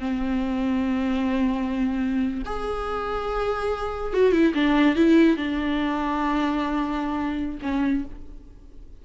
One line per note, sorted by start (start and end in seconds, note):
0.00 2.43 C4
2.46 4.14 G#4
4.14 4.32 F#4
4.32 4.53 E4
4.54 4.96 D4
4.96 5.37 E4
5.37 7.58 D4
7.63 8.05 C#4